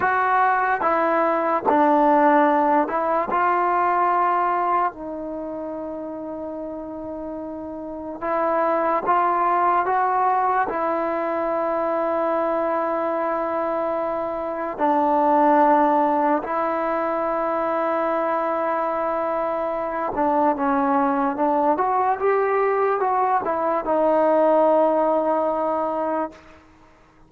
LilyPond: \new Staff \with { instrumentName = "trombone" } { \time 4/4 \tempo 4 = 73 fis'4 e'4 d'4. e'8 | f'2 dis'2~ | dis'2 e'4 f'4 | fis'4 e'2.~ |
e'2 d'2 | e'1~ | e'8 d'8 cis'4 d'8 fis'8 g'4 | fis'8 e'8 dis'2. | }